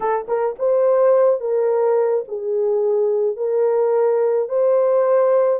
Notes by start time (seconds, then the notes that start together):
0.00 A4
0.28 A#4
0.59 C5
1.40 A#4
2.28 G#4
3.36 A#4
4.48 C5